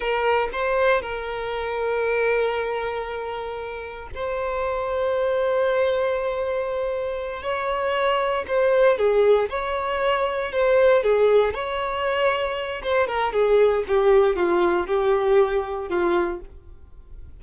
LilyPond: \new Staff \with { instrumentName = "violin" } { \time 4/4 \tempo 4 = 117 ais'4 c''4 ais'2~ | ais'1 | c''1~ | c''2~ c''8 cis''4.~ |
cis''8 c''4 gis'4 cis''4.~ | cis''8 c''4 gis'4 cis''4.~ | cis''4 c''8 ais'8 gis'4 g'4 | f'4 g'2 f'4 | }